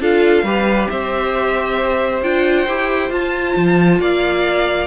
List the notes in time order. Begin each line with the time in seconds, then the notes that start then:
0.00 D4 F4 A4 F5
0.43 G3 G4 B4
0.89 C4 C5 E5
2.22 D4 F4 G5
2.67 E4 G4
3.10 F4 A5
3.56 F3
3.99 A#3 D5 F5